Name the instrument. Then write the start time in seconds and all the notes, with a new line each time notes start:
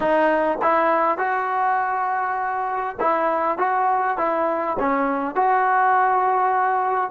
trombone
0.00 D#4
0.62 E4
1.18 F#4
2.99 E4
3.58 F#4
4.17 E4
4.79 C#4
5.35 F#4